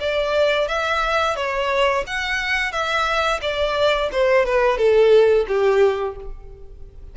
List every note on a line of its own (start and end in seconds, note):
0.00 0.68 D5
0.68 1.36 E5
1.36 2.04 C#5
2.07 2.72 F#5
2.72 3.40 E5
3.42 4.10 D5
4.12 4.46 C5
4.46 4.78 B4
4.78 5.46 A4
5.48 6.16 G4